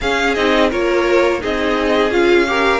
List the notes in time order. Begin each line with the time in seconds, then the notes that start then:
0.01 C#4 G#4 F5
0.34 C4 D#4 D#5
0.69 A#3 F4 A#4 C#5
1.40 C4 D#4 G#4 D#5
2.10 C#4 F4 F5
2.47 G4 A#4